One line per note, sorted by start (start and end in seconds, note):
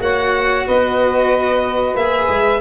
0.00 0.65 A#3
0.00 1.96 F#4
0.00 0.66 C#5
0.00 0.67 F#5
0.66 1.95 B3
0.66 2.61 B4
0.66 1.96 D#5
1.95 2.28 A#3
1.95 2.61 G#4
1.95 2.61 E5
2.29 2.61 G#3